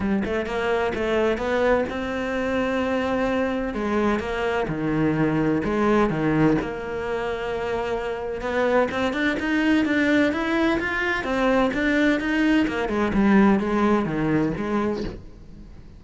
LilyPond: \new Staff \with { instrumentName = "cello" } { \time 4/4 \tempo 4 = 128 g8 a8 ais4 a4 b4 | c'1 | gis4 ais4 dis2 | gis4 dis4 ais2~ |
ais2 b4 c'8 d'8 | dis'4 d'4 e'4 f'4 | c'4 d'4 dis'4 ais8 gis8 | g4 gis4 dis4 gis4 | }